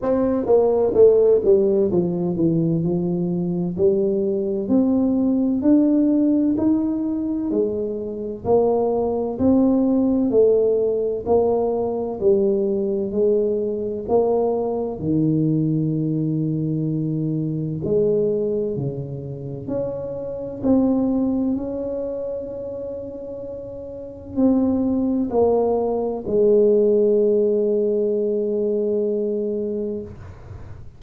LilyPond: \new Staff \with { instrumentName = "tuba" } { \time 4/4 \tempo 4 = 64 c'8 ais8 a8 g8 f8 e8 f4 | g4 c'4 d'4 dis'4 | gis4 ais4 c'4 a4 | ais4 g4 gis4 ais4 |
dis2. gis4 | cis4 cis'4 c'4 cis'4~ | cis'2 c'4 ais4 | gis1 | }